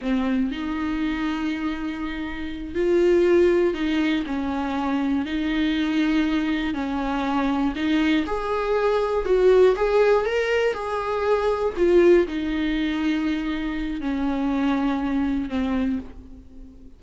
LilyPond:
\new Staff \with { instrumentName = "viola" } { \time 4/4 \tempo 4 = 120 c'4 dis'2.~ | dis'4. f'2 dis'8~ | dis'8 cis'2 dis'4.~ | dis'4. cis'2 dis'8~ |
dis'8 gis'2 fis'4 gis'8~ | gis'8 ais'4 gis'2 f'8~ | f'8 dis'2.~ dis'8 | cis'2. c'4 | }